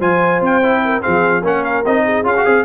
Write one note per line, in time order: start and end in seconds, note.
0.00 0.41 F3
0.00 0.62 F4
0.00 0.82 C5
0.00 0.42 G#5
0.41 1.03 C4
0.41 1.03 G5
0.63 1.01 E4
0.85 1.04 A#4
1.01 1.43 F3
1.01 1.42 C4
1.01 1.43 G#4
1.01 1.44 F5
1.43 1.84 A#3
1.43 1.85 C#4
1.43 2.04 A#4
1.43 1.65 F#5
1.65 1.85 F5
1.86 2.23 C4
1.86 2.24 D#4
1.86 2.27 D#5
2.05 2.65 G#4
2.23 2.44 C#4
2.23 2.34 F4
2.23 2.65 F5
2.36 2.46 F#4
2.46 2.65 C4
2.46 2.65 G#4